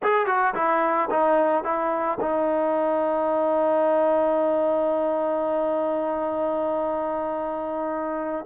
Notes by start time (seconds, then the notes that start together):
0.02 G#4
0.26 F#4
0.54 E4
1.10 D#4
1.64 E4
2.20 D#4